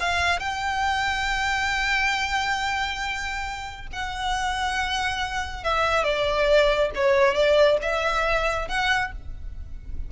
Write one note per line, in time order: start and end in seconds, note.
0.00 0.40 F5
0.40 3.88 G5
3.93 5.64 F#5
5.64 6.04 E5
6.04 6.91 D5
6.95 7.35 C#5
7.35 7.78 D5
7.82 8.69 E5
8.69 9.12 F#5